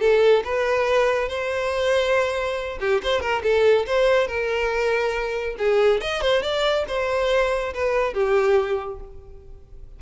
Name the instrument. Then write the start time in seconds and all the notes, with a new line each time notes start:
violin
0.00 A4
0.44 B4
1.29 C5
2.80 G4
3.03 C5
3.20 A#4
3.43 A4
3.86 C5
4.27 A#4
5.58 G#4
6.01 D#5
6.21 C5
6.42 D5
6.88 C5
7.74 B4
8.14 G4